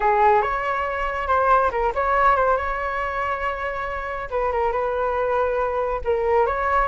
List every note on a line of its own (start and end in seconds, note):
0.00 0.41 G#4
0.41 1.27 C#5
1.27 1.71 C5
1.71 1.92 A#4
1.94 2.36 C#5
2.36 2.56 C5
2.56 4.29 C#5
4.30 4.51 B4
4.51 4.71 A#4
4.71 6.01 B4
6.04 6.46 A#4
6.46 6.88 C#5